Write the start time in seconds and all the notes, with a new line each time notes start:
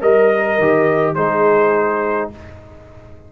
0.00 G3 A#4 D#5
0.58 D#3 G4
1.14 G#3 D#4 G#4 C5